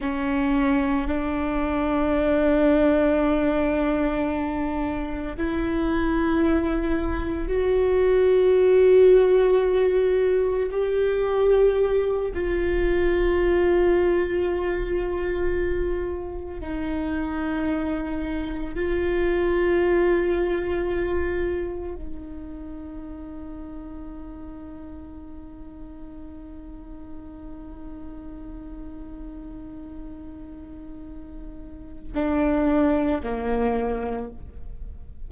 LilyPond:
\new Staff \with { instrumentName = "viola" } { \time 4/4 \tempo 4 = 56 cis'4 d'2.~ | d'4 e'2 fis'4~ | fis'2 g'4. f'8~ | f'2.~ f'8 dis'8~ |
dis'4. f'2~ f'8~ | f'8 dis'2.~ dis'8~ | dis'1~ | dis'2 d'4 ais4 | }